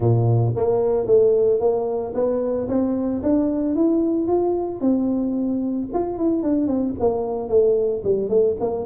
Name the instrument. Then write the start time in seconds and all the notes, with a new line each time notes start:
tuba
0.00 A#2
0.56 A#3
1.06 A3
1.59 A#3
2.14 B3
2.68 C4
3.22 D4
3.75 E4
4.27 F4
4.81 C4
5.93 F4
6.18 E4
6.42 D4
6.67 C4
6.99 A#3
7.49 A3
8.04 G3
8.29 A3
8.60 A#3